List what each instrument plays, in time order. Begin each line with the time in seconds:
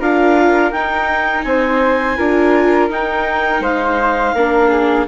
0.00 bassoon D4, viola F4, flute A#4, clarinet F5
0.72 bassoon D#4, viola D#4, clarinet G5
1.43 bassoon C4, flute C5, clarinet G#5
2.17 bassoon D4, viola F4, flute A#4
2.89 bassoon D#4, viola D#4, clarinet G5
3.60 bassoon G#3, flute C5, clarinet F5
4.34 bassoon A#3, viola D4, flute A#4
4.68 flute G#4